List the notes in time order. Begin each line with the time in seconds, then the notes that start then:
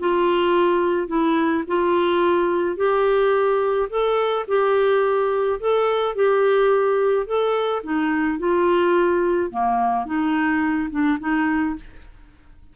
0.00 F4
1.08 E4
1.68 F4
2.77 G4
3.90 A4
4.48 G4
5.60 A4
6.16 G4
7.27 A4
7.84 D#4
8.39 F4
9.51 A#3
10.06 D#4
10.91 D4
11.20 D#4